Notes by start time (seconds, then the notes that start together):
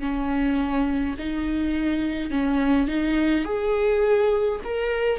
0.00 C#4
1.19 D#4
2.31 C#4
2.88 D#4
3.45 G#4
4.64 A#4